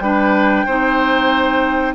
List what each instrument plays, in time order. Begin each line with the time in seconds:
0.00 bassoon G3, clarinet D4, oboe B4, flute G5
0.66 bassoon C4, clarinet D#4, oboe C5